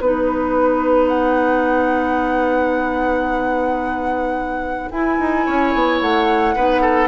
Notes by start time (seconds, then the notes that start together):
0.00 B3 D#4 B4
1.09 F#5
4.91 E4 G#5
5.19 D#4
5.46 C#4 C#5
5.75 B3
6.01 A3 F#5
6.56 B3 D#4 B4
6.82 A4